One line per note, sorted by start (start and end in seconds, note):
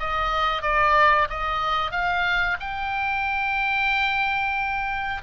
0.00 0.62 D#5
0.62 1.28 D5
1.30 1.92 D#5
1.92 2.57 F5
2.60 5.23 G5